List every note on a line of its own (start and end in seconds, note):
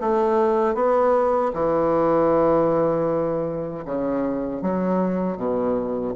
0.00 0.75 A3
0.75 1.52 B3
1.53 3.84 E3
3.85 4.62 C#3
4.62 5.37 F#3
5.37 6.14 B2